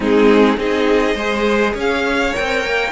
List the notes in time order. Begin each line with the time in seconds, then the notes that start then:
0.00 G#3 C4 D#4 G#4
0.57 C4 D#4 G#4 D#5
1.14 G#3 G#4 C5
1.74 C#4 C#5 F5
2.32 C4 A#4 G5
2.65 A#3